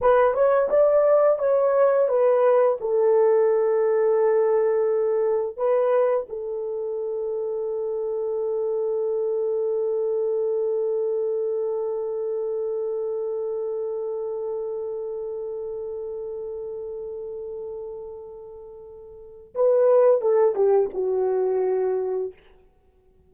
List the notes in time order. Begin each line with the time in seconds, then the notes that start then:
0.01 B4
0.33 C#5
0.69 D5
1.38 C#5
2.08 B4
2.80 A4
5.56 B4
6.29 A4
19.54 B4
20.21 A4
20.55 G4
20.93 F#4